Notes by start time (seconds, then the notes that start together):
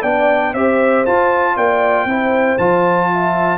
0.00 B3 D4 D5 G5
0.53 C4 G4 C5 E5
1.06 F4 A5
1.56 A#3 D5 G5
2.05 C4 E4 C5
2.58 F3 F4 A5
3.14 E5